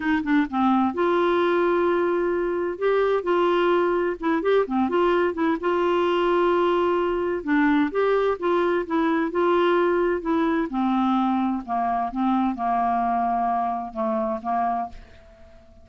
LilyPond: \new Staff \with { instrumentName = "clarinet" } { \time 4/4 \tempo 4 = 129 dis'8 d'8 c'4 f'2~ | f'2 g'4 f'4~ | f'4 e'8 g'8 c'8 f'4 e'8 | f'1 |
d'4 g'4 f'4 e'4 | f'2 e'4 c'4~ | c'4 ais4 c'4 ais4~ | ais2 a4 ais4 | }